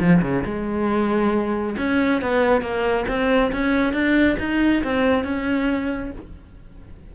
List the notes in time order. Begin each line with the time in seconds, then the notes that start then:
0.00 F3
0.22 C#3
0.45 G#3
1.78 C#4
2.22 B3
2.62 A#3
3.08 C4
3.52 C#4
3.93 D4
4.39 D#4
4.84 C4
5.24 C#4